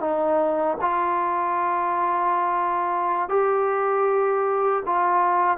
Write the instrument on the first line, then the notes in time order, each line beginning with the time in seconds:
trombone
0.00 D#4
0.81 F4
3.29 G4
4.86 F4